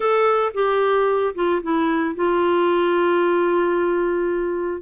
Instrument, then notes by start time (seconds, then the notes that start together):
clarinet
0.00 A4
0.54 G4
1.35 F4
1.62 E4
2.15 F4